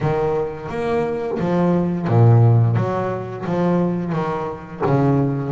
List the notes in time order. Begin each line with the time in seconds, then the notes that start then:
0.00 D#3
0.69 A#3
1.39 F3
2.07 A#2
2.76 F#3
3.45 F3
4.12 D#3
4.86 C#3